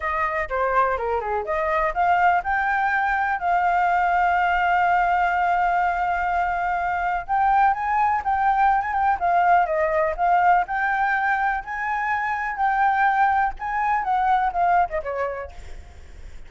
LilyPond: \new Staff \with { instrumentName = "flute" } { \time 4/4 \tempo 4 = 124 dis''4 c''4 ais'8 gis'8 dis''4 | f''4 g''2 f''4~ | f''1~ | f''2. g''4 |
gis''4 g''4~ g''16 gis''16 g''8 f''4 | dis''4 f''4 g''2 | gis''2 g''2 | gis''4 fis''4 f''8. dis''16 cis''4 | }